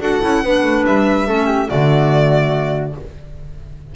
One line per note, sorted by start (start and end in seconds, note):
0.00 0.21 D4
0.00 0.22 F#4
0.00 0.43 A4
0.00 0.85 F#5
0.22 0.43 C#4
0.22 0.43 E4
0.43 0.63 B3
0.43 1.27 D4
0.43 1.26 B4
0.63 0.83 A3
0.86 1.28 G3
0.86 1.69 E5
1.26 1.69 A3
1.26 1.67 C#4
1.26 1.46 A4
1.46 1.66 G4
1.67 2.95 D3
1.67 2.92 A3
1.67 2.92 F#4
1.67 2.94 D5